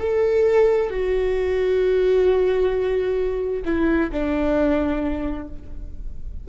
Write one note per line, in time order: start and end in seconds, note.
0.00 0.90 A4
0.90 3.63 F#4
3.65 4.11 E4
4.12 5.48 D4